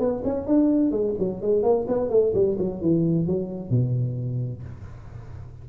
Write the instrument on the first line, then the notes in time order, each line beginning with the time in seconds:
tuba
0.00 B3
0.25 C#4
0.47 D4
0.92 G#3
1.19 F#3
1.42 G#3
1.63 A#3
1.88 B3
2.10 A3
2.34 G3
2.59 F#3
2.82 E3
3.27 F#3
3.71 B2